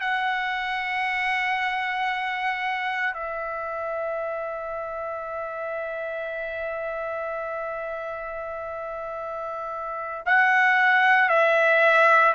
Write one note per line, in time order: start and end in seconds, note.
0.00 3.13 F#5
3.13 10.24 E5
10.25 11.28 F#5
11.28 12.33 E5